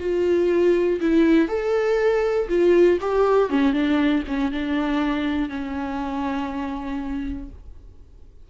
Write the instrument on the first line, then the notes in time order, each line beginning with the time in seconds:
viola
0.00 F4
1.01 E4
1.49 A4
2.49 F4
3.01 G4
3.50 C#4
3.73 D4
4.28 C#4
4.52 D4
5.50 C#4